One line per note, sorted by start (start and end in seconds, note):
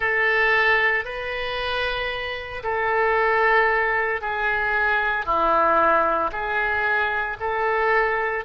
0.00 1.04 A4
1.04 2.62 B4
2.63 4.21 A4
4.21 5.25 G#4
5.25 6.31 E4
6.32 7.37 G#4
7.40 8.44 A4